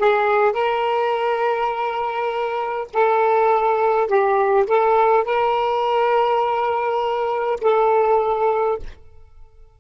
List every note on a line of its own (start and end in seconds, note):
0.00 0.53 G#4
0.53 2.88 A#4
2.94 4.08 A4
4.08 4.67 G4
4.67 5.25 A4
5.25 7.60 A#4
7.61 8.79 A4